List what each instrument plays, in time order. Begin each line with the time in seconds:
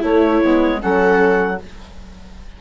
0.00 bassoon A3, saxophone A3, viola E4, clarinet C#5
0.42 bassoon G#3, saxophone B3
0.80 bassoon F#3, saxophone C#4, viola A4, clarinet F#5